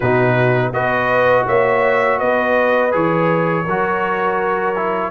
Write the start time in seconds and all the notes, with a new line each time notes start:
0.00 B2 D#4 F#4 B4
0.73 B3 F#4 B4 D#5
1.46 A#3 C#5 E5
2.19 B3 B4 D#5
2.91 E3 G#4 C#5
3.64 F#3 F#4 A#4
4.75 E4